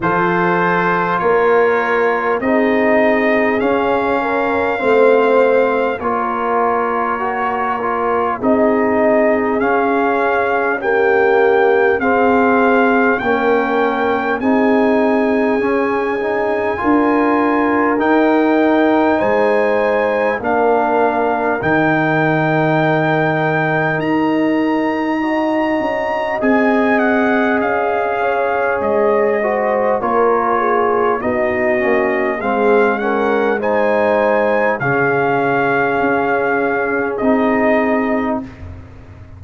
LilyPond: <<
  \new Staff \with { instrumentName = "trumpet" } { \time 4/4 \tempo 4 = 50 c''4 cis''4 dis''4 f''4~ | f''4 cis''2 dis''4 | f''4 g''4 f''4 g''4 | gis''2. g''4 |
gis''4 f''4 g''2 | ais''2 gis''8 fis''8 f''4 | dis''4 cis''4 dis''4 f''8 fis''8 | gis''4 f''2 dis''4 | }
  \new Staff \with { instrumentName = "horn" } { \time 4/4 a'4 ais'4 gis'4. ais'8 | c''4 ais'2 gis'4~ | gis'4 g'4 gis'4 ais'4 | gis'2 ais'2 |
c''4 ais'2.~ | ais'4 dis''2~ dis''8 cis''8~ | cis''8 c''8 ais'8 gis'8 fis'4 gis'8 ais'8 | c''4 gis'2. | }
  \new Staff \with { instrumentName = "trombone" } { \time 4/4 f'2 dis'4 cis'4 | c'4 f'4 fis'8 f'8 dis'4 | cis'4 ais4 c'4 cis'4 | dis'4 cis'8 dis'8 f'4 dis'4~ |
dis'4 d'4 dis'2~ | dis'4 fis'4 gis'2~ | gis'8 fis'8 f'4 dis'8 cis'8 c'8 cis'8 | dis'4 cis'2 dis'4 | }
  \new Staff \with { instrumentName = "tuba" } { \time 4/4 f4 ais4 c'4 cis'4 | a4 ais2 c'4 | cis'2 c'4 ais4 | c'4 cis'4 d'4 dis'4 |
gis4 ais4 dis2 | dis'4. cis'8 c'4 cis'4 | gis4 ais4 b8 ais8 gis4~ | gis4 cis4 cis'4 c'4 | }
>>